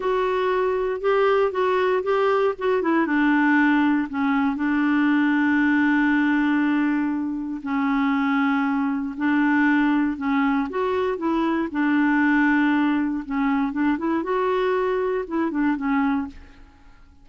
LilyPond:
\new Staff \with { instrumentName = "clarinet" } { \time 4/4 \tempo 4 = 118 fis'2 g'4 fis'4 | g'4 fis'8 e'8 d'2 | cis'4 d'2.~ | d'2. cis'4~ |
cis'2 d'2 | cis'4 fis'4 e'4 d'4~ | d'2 cis'4 d'8 e'8 | fis'2 e'8 d'8 cis'4 | }